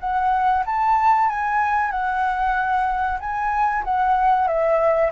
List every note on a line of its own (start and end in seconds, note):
0.00 0.64 F#5
0.66 1.29 A5
1.29 1.91 G#5
1.91 3.19 F#5
3.20 3.84 G#5
3.84 4.47 F#5
4.47 5.11 E5